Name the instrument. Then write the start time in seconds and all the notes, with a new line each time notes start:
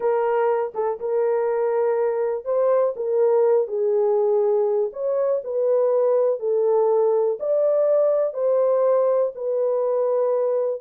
horn
0.00 A#4
0.74 A4
0.99 A#4
2.45 C5
2.96 A#4
3.67 G#4
4.92 C#5
5.43 B4
6.39 A4
7.39 D5
8.33 C5
9.35 B4